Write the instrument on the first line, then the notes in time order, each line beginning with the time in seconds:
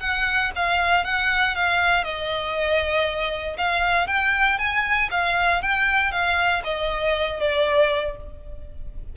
violin
0.00 F#5
0.55 F5
1.04 F#5
1.55 F5
2.04 D#5
3.58 F5
4.07 G5
4.58 G#5
5.11 F5
5.62 G5
6.12 F5
6.64 D#5
7.40 D5